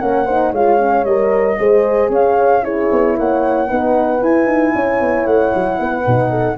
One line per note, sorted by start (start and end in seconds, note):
0.00 0.53 A#3
0.00 0.27 C#4
0.00 0.25 A#4
0.00 0.53 F#5
0.25 0.55 D#4
0.25 0.52 C5
0.52 1.05 G#3
0.52 0.79 F4
0.52 1.57 C#5
0.52 1.05 F5
0.79 1.05 C#4
1.05 1.58 G3
1.05 1.59 A#4
1.05 2.10 D#5
1.59 2.10 G#3
1.59 2.62 G#4
1.59 2.12 C5
2.10 2.89 C#4
2.10 2.64 C#5
2.10 2.65 F5
2.62 3.68 E4
2.62 3.17 G#4
2.62 3.17 C#5
2.92 3.18 B3
3.18 3.71 A#3
3.18 3.68 C#5
3.18 4.23 F#5
3.68 4.22 B3
3.68 4.19 D#4
3.68 4.73 B4
4.19 6.03 E4
4.19 4.46 E4
4.19 5.26 G#5
4.46 4.72 D#4
4.75 5.01 C#4
4.75 5.81 C#5
5.01 5.26 B3
5.26 5.53 A3
5.26 6.58 F#5
5.55 5.80 F#3
5.80 6.06 B3
5.80 6.30 B4
6.05 6.58 B2
6.05 6.58 D#4
6.30 6.57 A4